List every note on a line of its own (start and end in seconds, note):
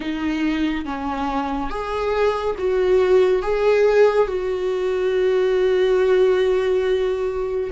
0.00 0.85 D#4
0.85 1.69 C#4
1.69 2.55 G#4
2.58 3.42 F#4
3.42 4.27 G#4
4.27 7.70 F#4